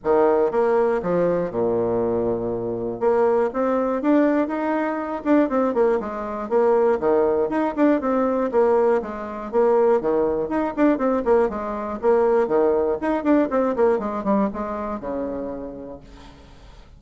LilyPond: \new Staff \with { instrumentName = "bassoon" } { \time 4/4 \tempo 4 = 120 dis4 ais4 f4 ais,4~ | ais,2 ais4 c'4 | d'4 dis'4. d'8 c'8 ais8 | gis4 ais4 dis4 dis'8 d'8 |
c'4 ais4 gis4 ais4 | dis4 dis'8 d'8 c'8 ais8 gis4 | ais4 dis4 dis'8 d'8 c'8 ais8 | gis8 g8 gis4 cis2 | }